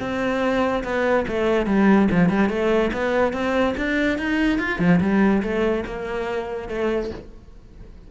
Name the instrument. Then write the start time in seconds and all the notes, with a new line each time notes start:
cello
0.00 C4
0.84 B3
1.28 A3
1.66 G3
2.11 F3
2.29 G3
2.49 A3
2.93 B3
3.33 C4
3.77 D4
4.18 D#4
4.59 F4
4.79 F3
5.00 G3
5.42 A3
5.86 A#3
6.68 A3